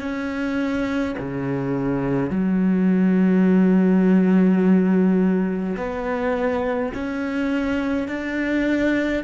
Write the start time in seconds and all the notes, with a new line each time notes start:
0.00 C#4
1.19 C#3
2.30 F#3
5.77 B3
6.94 C#4
8.08 D4